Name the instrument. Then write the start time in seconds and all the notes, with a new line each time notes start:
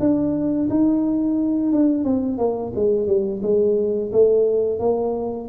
tuba
0.00 D4
0.70 D#4
1.73 D4
2.04 C4
2.38 A#3
2.76 G#3
3.07 G3
3.43 G#3
4.13 A3
4.80 A#3